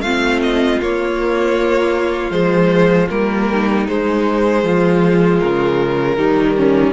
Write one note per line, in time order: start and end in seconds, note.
0.00 0.77 A3
0.00 0.81 C4
0.00 3.49 F4
0.00 0.39 F5
0.42 0.80 D#5
0.81 2.31 A#3
0.81 2.30 A#3
0.81 2.31 C#5
2.30 3.07 F3
2.30 3.08 G#3
2.30 3.08 C5
3.09 3.87 G3
3.09 3.86 A#3
3.09 3.87 A#4
3.51 4.65 D#4
3.86 6.17 G#3
3.86 4.63 G#3
3.86 5.39 C5
4.63 5.40 F3
4.63 6.17 F4
5.39 6.17 C#3
5.39 6.93 A#4
6.17 6.93 D#3
6.17 6.93 G3
6.17 6.55 D#4
6.57 6.93 C#4